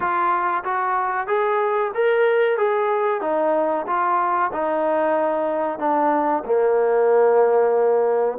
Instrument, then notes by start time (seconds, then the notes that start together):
trombone
0.00 F4
0.63 F#4
1.27 G#4
1.94 A#4
2.57 G#4
3.21 D#4
3.86 F4
4.52 D#4
5.79 D4
6.45 A#3